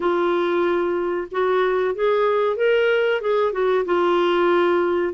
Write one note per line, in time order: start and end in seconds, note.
0.00 1.28 F4
1.31 1.94 F#4
1.94 2.56 G#4
2.56 3.21 A#4
3.21 3.52 G#4
3.52 3.84 F#4
3.85 5.13 F4